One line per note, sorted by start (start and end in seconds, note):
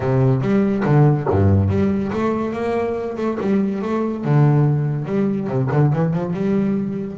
0.00 0.41 C3
0.41 0.83 G3
0.84 1.27 D3
1.29 1.69 G2
1.69 2.11 G3
2.12 2.52 A3
2.52 3.16 A#3
3.17 3.38 A3
3.40 3.82 G3
3.82 4.24 A3
4.24 5.05 D3
5.05 5.47 G3
5.47 5.68 C3
5.71 5.92 D3
5.92 6.13 E3
6.13 6.33 F3
6.33 7.17 G3